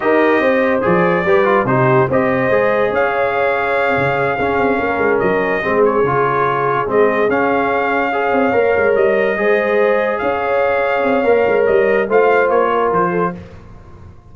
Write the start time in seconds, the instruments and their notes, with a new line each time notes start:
0.00 tuba D#4, trombone G4, horn A#4, trumpet D#5
0.40 tuba C4, horn C5
0.82 tuba F3, trombone G#4, trumpet D5
1.24 tuba G3, trombone G4, horn B4
1.44 trombone F4
1.64 tuba C3, trombone D#4, horn G4, trumpet C5
2.09 tuba C4, trombone G4, horn C5, trumpet D#5
2.49 tuba G#3, trombone G#4
2.90 tuba C#4, horn C#5, trumpet F5
3.96 tuba C#3
4.36 trombone C#4, tuba C#4, horn G#4
4.58 tuba C4
4.78 tuba A#3, horn A#4
4.98 tuba G#3
5.19 tuba F#3, trumpet D#5
5.62 tuba G#3, trombone C4, horn G#4
5.85 trumpet C#5
6.02 tuba C#3, trombone F4
6.86 tuba G#3, trombone C4, trumpet D#5
7.28 tuba C#4, trombone C#4, trumpet F5
8.12 trombone G#4, horn C#5
8.32 tuba C4
8.52 tuba A#3, trombone A#4
8.77 tuba G#3
8.95 tuba G3, trumpet D#5
9.36 tuba G#3, trombone G#4, horn C5
10.18 tuba C#4, horn C#5, trumpet F5
11.03 tuba C4
11.24 tuba A#3, trombone A#4
11.47 tuba G#3
11.66 tuba G3, trumpet D#5
12.08 tuba A3, trombone F4, horn C5, trumpet F5
12.49 tuba A#3, trumpet C#5
12.72 horn A#4
12.91 tuba F3, trumpet C5
13.10 horn A4